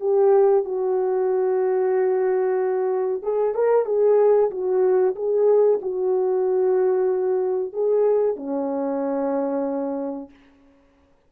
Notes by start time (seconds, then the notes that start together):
0.00 G4
0.64 F#4
3.22 G#4
3.54 A#4
3.85 G#4
4.50 F#4
5.15 G#4
5.82 F#4
7.73 G#4
8.36 C#4